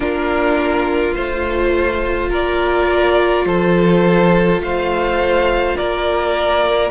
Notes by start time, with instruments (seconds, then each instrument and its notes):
0.00 cello A#3, viola D4, violin F4 A#4
1.14 cello A3, viola F4, violin C5
2.29 cello A#3, violin A#4 D5
3.45 cello F3, violin A4 C5
4.59 cello A3, violin C5 F5
5.76 cello A#3, violin A#4 D5